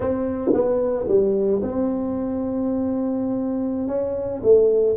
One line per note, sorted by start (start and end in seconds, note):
0.00 0.51 C4
0.53 1.07 B3
1.07 1.61 G3
1.62 3.87 C4
3.87 4.41 C#4
4.42 4.96 A3